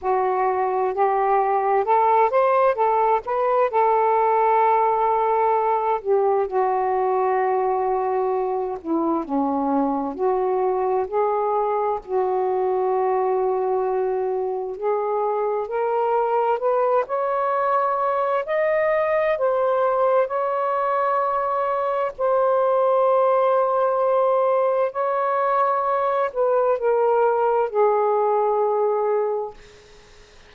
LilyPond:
\new Staff \with { instrumentName = "saxophone" } { \time 4/4 \tempo 4 = 65 fis'4 g'4 a'8 c''8 a'8 b'8 | a'2~ a'8 g'8 fis'4~ | fis'4. e'8 cis'4 fis'4 | gis'4 fis'2. |
gis'4 ais'4 b'8 cis''4. | dis''4 c''4 cis''2 | c''2. cis''4~ | cis''8 b'8 ais'4 gis'2 | }